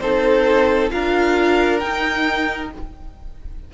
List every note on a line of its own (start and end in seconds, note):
0.00 0.90 C4
0.00 0.91 D#4
0.00 0.92 A4
0.00 0.90 C5
0.91 1.82 D4
0.91 1.80 F4
0.91 2.71 A#4
0.91 1.79 F5
1.79 2.72 D#4
1.79 2.74 D#4
1.79 2.68 G5